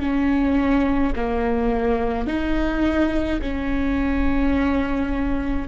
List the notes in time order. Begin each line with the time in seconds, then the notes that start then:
0.00 C#4
1.16 A#3
2.27 D#4
3.41 C#4